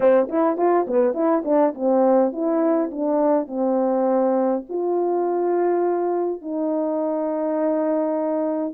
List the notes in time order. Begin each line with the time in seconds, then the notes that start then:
0.00 C4
0.28 E4
0.57 F4
0.87 B3
1.14 E4
1.45 D4
1.74 C4
2.32 E4
2.91 D4
3.47 C4
4.69 F4
6.41 D#4